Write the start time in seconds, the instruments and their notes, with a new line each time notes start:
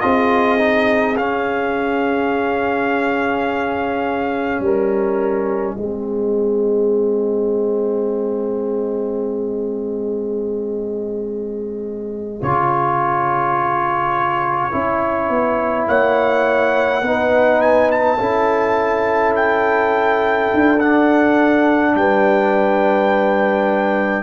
0.00 tuba C4, trombone F4, horn G#4, trumpet D#5
0.57 trombone D#4
1.16 trombone C#4, tuba C#4, trumpet F5
4.59 tuba G3, horn A#4, trumpet D#5
5.76 tuba G#3, trombone C4, horn G#4
12.41 tuba C#3, trombone F4, trumpet C#5
14.71 tuba C#4, trombone E4
15.29 tuba B3
15.87 tuba A#3, horn C#5, trumpet F#5
17.02 tuba B3, trombone D#4, horn B4
17.61 trumpet G#5
17.91 trumpet A5
18.18 tuba C#4, trombone E4, horn A4
19.36 trumpet G5
20.53 tuba D4
20.80 trombone D4, trumpet F#5
21.94 tuba G3, horn B4, trumpet G5